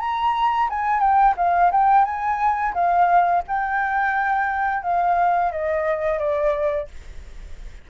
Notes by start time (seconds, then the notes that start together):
0.00 A#5
0.70 G#5
1.00 G5
1.37 F5
1.72 G5
2.05 G#5
2.74 F5
3.48 G5
4.83 F5
5.52 D#5
6.19 D5